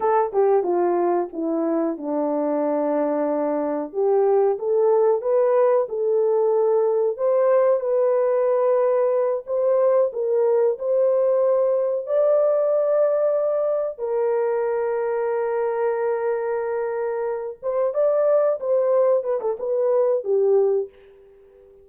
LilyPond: \new Staff \with { instrumentName = "horn" } { \time 4/4 \tempo 4 = 92 a'8 g'8 f'4 e'4 d'4~ | d'2 g'4 a'4 | b'4 a'2 c''4 | b'2~ b'8 c''4 ais'8~ |
ais'8 c''2 d''4.~ | d''4. ais'2~ ais'8~ | ais'2. c''8 d''8~ | d''8 c''4 b'16 a'16 b'4 g'4 | }